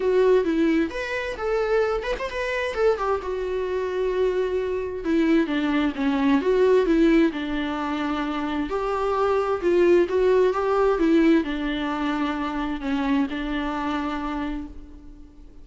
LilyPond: \new Staff \with { instrumentName = "viola" } { \time 4/4 \tempo 4 = 131 fis'4 e'4 b'4 a'4~ | a'8 b'16 c''16 b'4 a'8 g'8 fis'4~ | fis'2. e'4 | d'4 cis'4 fis'4 e'4 |
d'2. g'4~ | g'4 f'4 fis'4 g'4 | e'4 d'2. | cis'4 d'2. | }